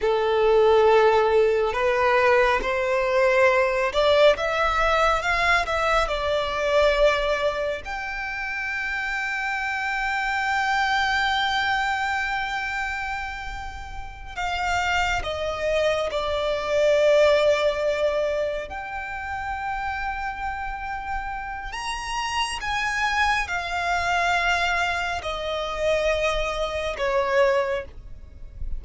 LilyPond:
\new Staff \with { instrumentName = "violin" } { \time 4/4 \tempo 4 = 69 a'2 b'4 c''4~ | c''8 d''8 e''4 f''8 e''8 d''4~ | d''4 g''2.~ | g''1~ |
g''8 f''4 dis''4 d''4.~ | d''4. g''2~ g''8~ | g''4 ais''4 gis''4 f''4~ | f''4 dis''2 cis''4 | }